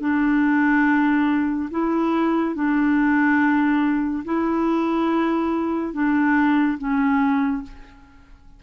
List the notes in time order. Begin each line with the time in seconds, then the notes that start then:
0.00 D4
1.70 E4
2.55 D4
4.24 E4
5.93 D4
6.78 C#4